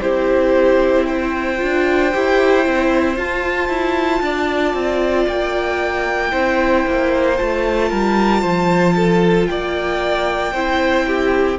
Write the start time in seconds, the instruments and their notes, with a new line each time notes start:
0.00 cello C4, viola E4, violin G4 C5
1.06 violin C5 G5
1.58 cello D4, viola F4
2.13 cello E4, viola G4
2.64 cello C4, viola E4
3.16 cello F4, viola F4, violin A5
3.68 cello E4
4.21 cello D4, violin D5
4.73 cello C4
5.27 cello A#3, violin G5
6.31 cello C4, viola E4, violin C5
6.87 cello A#3
7.36 cello A3, viola F4, violin A5
7.88 cello G3, violin A#4
8.41 cello F3, violin C5
8.96 violin A4
9.47 cello A#3, violin D5 G5
10.52 cello C4, viola E4, violin C5
11.06 violin G4